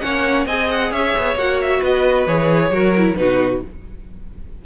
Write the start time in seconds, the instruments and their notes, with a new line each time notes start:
0.00 cello A#3, viola C#4, violin C#5 F#5
0.45 cello C4, viola G#4, violin D#5 G#5
0.70 violin F#5
0.91 cello C#4, violin C#5 E5
1.17 cello B3
1.35 cello A#3, viola F#4, violin F#5
1.61 violin E5
1.79 cello B3, violin B4 D#5
2.26 cello E3, viola G#4, violin C#5
2.70 cello F#3, viola F#4, violin A#4
2.97 viola E4
3.16 cello B2, viola D#4, violin F#4 B4